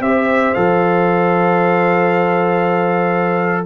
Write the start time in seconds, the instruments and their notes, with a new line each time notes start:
0.00 tuba C4, trombone G4, horn C5, trumpet E5
0.53 tuba F3, trombone A4, trumpet F5